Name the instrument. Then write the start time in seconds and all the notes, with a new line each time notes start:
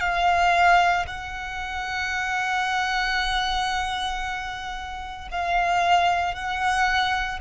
violin
0.00 F5
1.07 F#5
5.31 F5
6.34 F#5